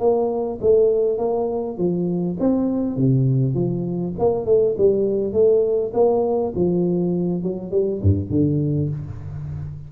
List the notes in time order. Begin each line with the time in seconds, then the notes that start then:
0.00 A#3
0.61 A3
1.18 A#3
1.78 F3
2.40 C4
2.96 C3
3.55 F3
4.19 A#3
4.46 A3
4.78 G3
5.33 A3
5.94 A#3
6.55 F3
7.43 F#3
7.71 G3
8.03 G2
8.31 D3